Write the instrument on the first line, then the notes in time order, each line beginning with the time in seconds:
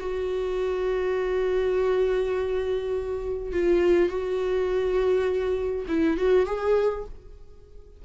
viola
0.00 F#4
3.52 F4
4.09 F#4
5.88 E4
6.17 F#4
6.46 G#4